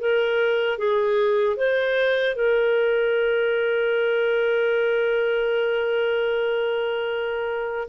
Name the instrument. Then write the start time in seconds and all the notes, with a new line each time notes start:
clarinet
0.00 A#4
0.78 G#4
1.56 C5
2.35 A#4